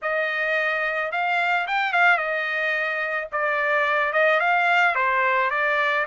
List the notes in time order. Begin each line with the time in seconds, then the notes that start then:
0.02 D#5
1.11 F5
1.67 G5
1.93 F5
2.17 D#5
3.32 D5
4.12 D#5
4.40 F5
4.95 C5
5.50 D5